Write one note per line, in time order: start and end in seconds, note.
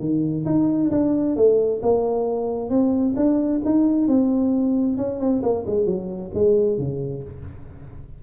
0.00 0.45 D#3
0.46 0.91 D#4
0.91 1.36 D4
1.36 1.81 A3
1.82 2.70 A#3
2.70 3.15 C4
3.17 3.62 D4
3.65 4.08 D#4
4.08 4.97 C4
4.97 5.20 C#4
5.20 5.43 C4
5.43 5.65 A#3
5.67 5.86 G#3
5.86 6.31 F#3
6.34 6.78 G#3
6.78 7.23 C#3